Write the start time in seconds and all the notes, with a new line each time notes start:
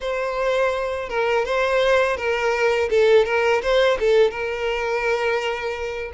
0.00 C5
1.09 A#4
1.45 C5
2.17 A#4
2.90 A4
3.25 A#4
3.61 C5
3.99 A4
4.30 A#4